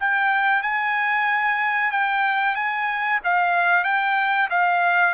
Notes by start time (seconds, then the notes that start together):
0.00 G5
0.63 G#5
1.91 G5
2.55 G#5
3.24 F5
3.84 G5
4.50 F5